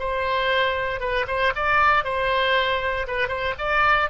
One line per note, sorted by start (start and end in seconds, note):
0.00 1.01 C5
1.01 1.27 B4
1.28 1.54 C5
1.56 2.05 D5
2.05 3.07 C5
3.08 3.28 B4
3.28 3.54 C5
3.59 4.10 D5